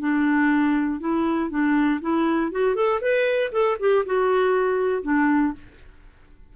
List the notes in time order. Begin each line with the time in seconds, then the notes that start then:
0.00 D4
1.01 E4
1.51 D4
2.02 E4
2.52 F#4
2.76 A4
3.02 B4
3.53 A4
3.80 G4
4.06 F#4
5.03 D4